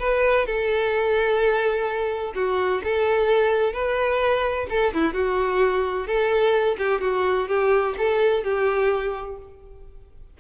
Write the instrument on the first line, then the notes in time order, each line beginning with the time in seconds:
violin
0.00 B4
0.47 A4
2.36 F#4
2.84 A4
3.74 B4
4.70 A4
4.94 E4
5.14 F#4
6.07 A4
6.79 G4
7.02 F#4
7.49 G4
7.98 A4
8.44 G4